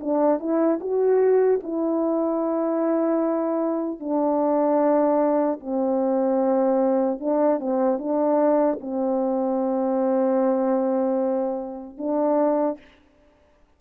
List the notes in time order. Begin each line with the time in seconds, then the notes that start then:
0.00 D4
0.39 E4
0.80 F#4
1.63 E4
4.00 D4
5.60 C4
7.20 D4
7.60 C4
7.99 D4
8.80 C4
11.98 D4